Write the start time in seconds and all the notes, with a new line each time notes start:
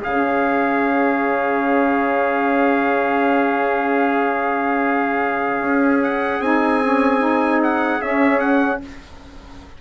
0.00 C#3 C#4 G#4 F5
5.60 C#4
6.03 F#5
6.40 C4 D#4 G#5
6.82 C#4
7.19 D#4
7.63 F#5
8.00 C#4 E5
8.39 F#5